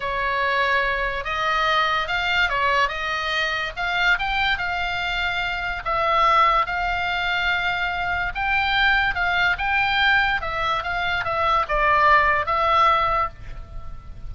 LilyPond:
\new Staff \with { instrumentName = "oboe" } { \time 4/4 \tempo 4 = 144 cis''2. dis''4~ | dis''4 f''4 cis''4 dis''4~ | dis''4 f''4 g''4 f''4~ | f''2 e''2 |
f''1 | g''2 f''4 g''4~ | g''4 e''4 f''4 e''4 | d''2 e''2 | }